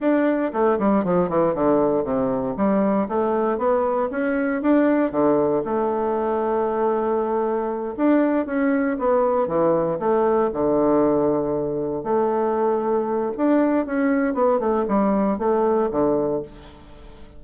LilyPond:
\new Staff \with { instrumentName = "bassoon" } { \time 4/4 \tempo 4 = 117 d'4 a8 g8 f8 e8 d4 | c4 g4 a4 b4 | cis'4 d'4 d4 a4~ | a2.~ a8 d'8~ |
d'8 cis'4 b4 e4 a8~ | a8 d2. a8~ | a2 d'4 cis'4 | b8 a8 g4 a4 d4 | }